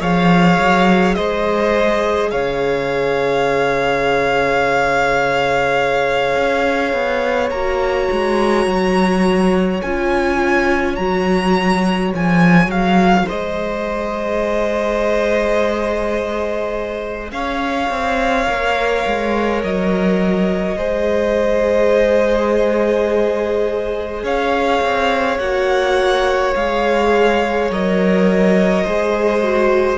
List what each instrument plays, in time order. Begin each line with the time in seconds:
0.00 cello F3, viola G#4, violin C#5 F5
0.60 cello F#3
1.15 cello G#3, violin C5 D#5
2.31 cello C#3, violin C#5 F5
6.36 cello C#4
6.93 cello B3
7.50 cello A#3, viola F#4, violin A#5
8.12 cello G#3
8.66 cello F#3
9.81 cello C#4, viola F4, violin G#5
10.96 cello F#3, viola F#4, violin A#5
12.13 cello F3, viola G#4, violin G#5
12.66 cello F#3, violin F5
13.26 cello G#3, violin C5 D#5
17.31 cello C#4, violin C#5 F5
17.90 cello C4
18.46 cello A#3, viola A#4
19.06 cello G#3
19.63 cello F#3, violin D#5
20.77 cello G#3, viola G#4, violin C5
24.23 cello C#4, violin C#5 F5
24.81 cello C4
25.38 cello A#3, viola F#4, violin F#5
26.55 cello G#3, viola G#4, violin F5
27.70 cello F#3, viola A#4, violin D#5
28.84 cello G#3, viola G#4, violin C5
29.43 viola F#4